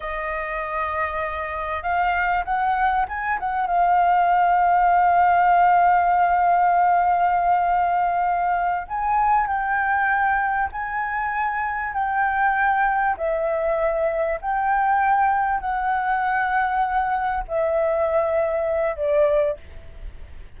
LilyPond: \new Staff \with { instrumentName = "flute" } { \time 4/4 \tempo 4 = 98 dis''2. f''4 | fis''4 gis''8 fis''8 f''2~ | f''1~ | f''2~ f''8 gis''4 g''8~ |
g''4. gis''2 g''8~ | g''4. e''2 g''8~ | g''4. fis''2~ fis''8~ | fis''8 e''2~ e''8 d''4 | }